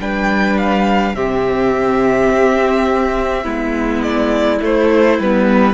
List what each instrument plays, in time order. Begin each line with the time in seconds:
0.00 cello G3, viola D4, violin B4 G5
0.58 violin F5
1.14 cello C3, viola C4, violin G4 E5
2.31 cello C4
3.44 cello G#3, viola B3, violin E4
4.02 violin D5
4.60 viola A3, cello A3, violin C5
5.19 cello G3, viola B3, violin B4